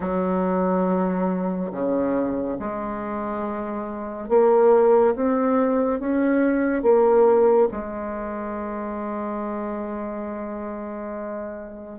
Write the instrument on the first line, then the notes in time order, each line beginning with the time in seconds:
bassoon
0.00 F#3
1.72 C#3
2.59 G#3
4.29 A#3
5.15 C4
5.99 C#4
6.82 A#3
7.71 G#3